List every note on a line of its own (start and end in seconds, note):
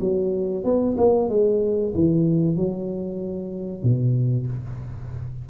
0.00 0.64 F#3
0.64 0.96 B3
0.97 1.29 A#3
1.29 1.93 G#3
1.94 2.56 E3
2.56 3.83 F#3
3.83 4.47 B2